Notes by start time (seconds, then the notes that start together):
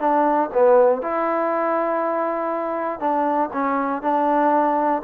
0.00 D4
0.54 B3
1.02 E4
3.00 D4
3.53 C#4
4.02 D4